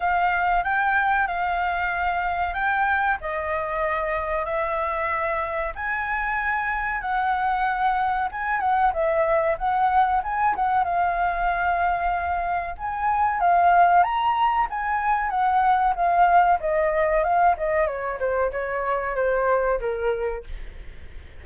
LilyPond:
\new Staff \with { instrumentName = "flute" } { \time 4/4 \tempo 4 = 94 f''4 g''4 f''2 | g''4 dis''2 e''4~ | e''4 gis''2 fis''4~ | fis''4 gis''8 fis''8 e''4 fis''4 |
gis''8 fis''8 f''2. | gis''4 f''4 ais''4 gis''4 | fis''4 f''4 dis''4 f''8 dis''8 | cis''8 c''8 cis''4 c''4 ais'4 | }